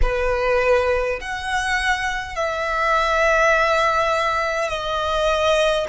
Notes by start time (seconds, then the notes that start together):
0.02 B4
1.20 F#5
2.35 E5
4.68 D#5